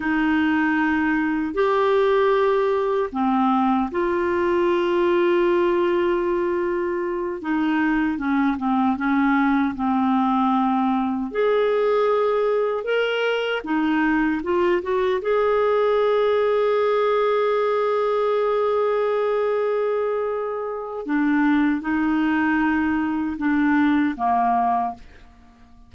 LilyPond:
\new Staff \with { instrumentName = "clarinet" } { \time 4/4 \tempo 4 = 77 dis'2 g'2 | c'4 f'2.~ | f'4. dis'4 cis'8 c'8 cis'8~ | cis'8 c'2 gis'4.~ |
gis'8 ais'4 dis'4 f'8 fis'8 gis'8~ | gis'1~ | gis'2. d'4 | dis'2 d'4 ais4 | }